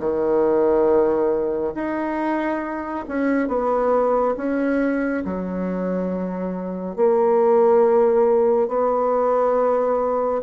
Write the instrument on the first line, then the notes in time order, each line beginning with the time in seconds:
bassoon
0.00 D#3
1.75 D#4
3.08 C#4
3.48 B3
4.37 C#4
5.25 F#3
6.96 A#3
8.68 B3